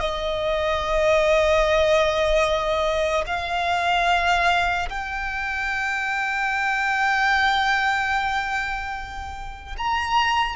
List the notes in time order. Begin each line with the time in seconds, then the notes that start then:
0.00 D#5
3.27 F5
4.89 G5
9.77 A#5